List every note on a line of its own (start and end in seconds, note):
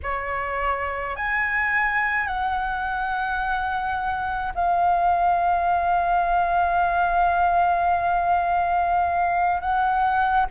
0.03 1.16 C#5
1.16 2.26 G#5
2.26 4.53 F#5
4.54 9.61 F5
9.61 10.46 F#5